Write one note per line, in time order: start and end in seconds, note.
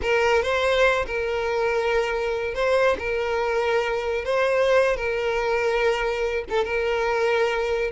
0.02 0.42 A#4
0.42 1.05 C5
1.06 2.54 A#4
2.54 2.96 C5
2.98 4.24 A#4
4.24 4.96 C5
4.96 6.44 A#4
6.49 6.64 A4
6.64 7.91 A#4